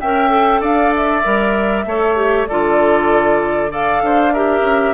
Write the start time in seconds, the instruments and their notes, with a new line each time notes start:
0.00 bassoon C#4, clarinet A#4, oboe E5, flute G5
0.29 clarinet A4
0.61 bassoon D4, oboe D5, flute F5
0.95 flute E5
1.23 bassoon G3, clarinet A#4
1.85 bassoon A3, clarinet A4, oboe C#5
2.16 clarinet G4
2.47 bassoon D3, clarinet F4, oboe A4, flute D5
3.69 clarinet A4, oboe D5, flute F5
4.02 bassoon D4, oboe C5
4.33 clarinet G4, oboe A#4, flute E5
4.61 bassoon C#4